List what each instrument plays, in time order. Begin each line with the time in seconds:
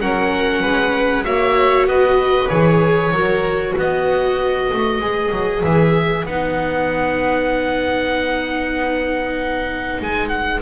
0.00 double bass F#3, viola C#4, violin A#4, oboe F#5
0.62 double bass G#3, violin B4
1.25 double bass A#3, viola F#4, violin C#5, oboe E5
1.86 double bass B3, violin B4, oboe D#5
2.49 double bass E3, viola G#4, oboe C#5
3.11 double bass F#3, viola F#4, violin A#4
3.76 double bass B3, violin B4, oboe D#5
4.73 double bass A3
4.99 double bass G#3, viola G#4
5.32 double bass F#3
5.63 double bass E3, oboe E5
6.25 double bass B3, viola D#4, oboe F#5
10.01 double bass G#3, oboe G#5
10.29 oboe F#5